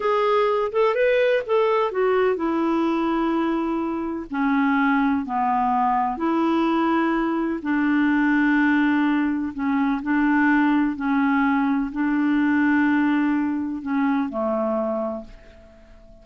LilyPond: \new Staff \with { instrumentName = "clarinet" } { \time 4/4 \tempo 4 = 126 gis'4. a'8 b'4 a'4 | fis'4 e'2.~ | e'4 cis'2 b4~ | b4 e'2. |
d'1 | cis'4 d'2 cis'4~ | cis'4 d'2.~ | d'4 cis'4 a2 | }